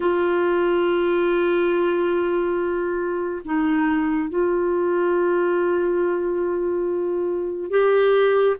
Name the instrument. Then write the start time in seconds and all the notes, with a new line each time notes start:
clarinet
0.00 F4
3.44 D#4
4.29 F4
7.70 G4